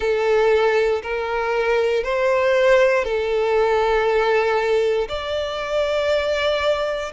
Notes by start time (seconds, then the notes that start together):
0.00 A4
1.02 A#4
2.03 C5
3.04 A4
5.08 D5